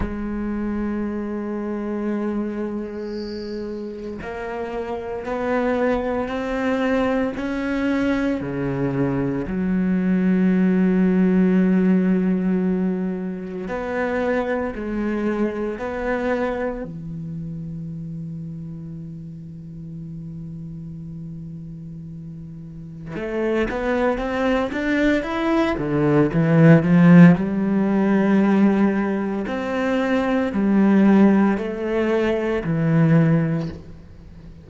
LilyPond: \new Staff \with { instrumentName = "cello" } { \time 4/4 \tempo 4 = 57 gis1 | ais4 b4 c'4 cis'4 | cis4 fis2.~ | fis4 b4 gis4 b4 |
e1~ | e2 a8 b8 c'8 d'8 | e'8 d8 e8 f8 g2 | c'4 g4 a4 e4 | }